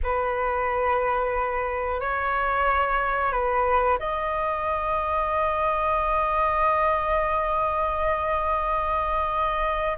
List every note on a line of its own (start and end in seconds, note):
0.03 2.00 B4
2.00 3.32 C#5
3.32 3.98 B4
3.99 9.97 D#5